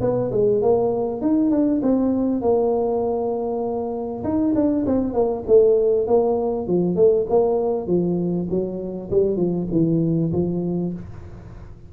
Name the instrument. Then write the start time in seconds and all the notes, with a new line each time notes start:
tuba
0.00 B3
0.31 G#3
0.61 A#3
1.21 D#4
1.50 D4
1.82 C4
2.41 A#3
4.23 D#4
4.55 D4
4.86 C4
5.13 A#3
5.47 A3
6.06 A#3
6.67 F3
6.95 A3
7.29 A#3
7.87 F3
8.49 F#3
9.10 G3
9.36 F3
9.71 E3
10.32 F3